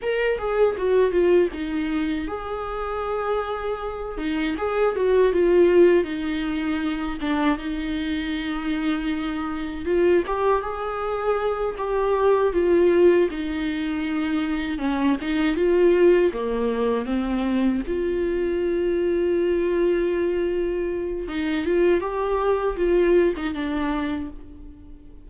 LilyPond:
\new Staff \with { instrumentName = "viola" } { \time 4/4 \tempo 4 = 79 ais'8 gis'8 fis'8 f'8 dis'4 gis'4~ | gis'4. dis'8 gis'8 fis'8 f'4 | dis'4. d'8 dis'2~ | dis'4 f'8 g'8 gis'4. g'8~ |
g'8 f'4 dis'2 cis'8 | dis'8 f'4 ais4 c'4 f'8~ | f'1 | dis'8 f'8 g'4 f'8. dis'16 d'4 | }